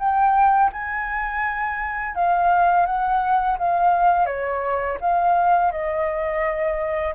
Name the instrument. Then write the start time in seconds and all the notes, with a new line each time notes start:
flute
0.00 G5
0.73 G#5
2.16 F5
2.86 F#5
3.59 F5
4.27 C#5
5.01 F5
5.72 D#5